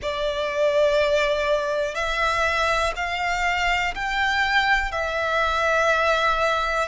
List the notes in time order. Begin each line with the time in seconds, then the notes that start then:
0.01 D5
1.94 E5
2.96 F5
3.94 G5
4.91 E5